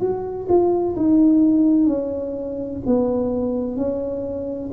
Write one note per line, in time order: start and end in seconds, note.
0.00 0.47 F#4
0.49 0.95 F4
0.96 1.86 D#4
1.86 2.80 C#4
2.86 3.76 B3
3.76 4.70 C#4